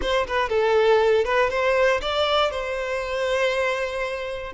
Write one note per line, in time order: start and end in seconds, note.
0.01 0.26 C5
0.27 0.49 B4
0.49 1.24 A4
1.24 1.50 B4
1.50 2.00 C5
2.01 2.50 D5
2.50 4.52 C5